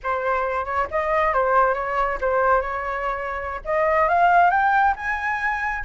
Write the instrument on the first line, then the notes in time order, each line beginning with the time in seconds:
flute
0.03 C5
0.65 C#5
0.90 D#5
1.33 C5
1.74 C#5
2.20 C5
2.61 C#5
3.64 D#5
4.08 F5
4.50 G5
4.96 G#5